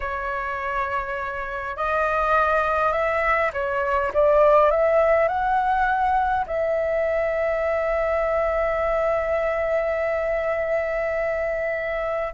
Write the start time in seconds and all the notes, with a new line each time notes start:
0.00 C#5
1.76 D#5
2.92 E5
3.53 C#5
4.13 D5
4.71 E5
5.28 F#5
6.46 E5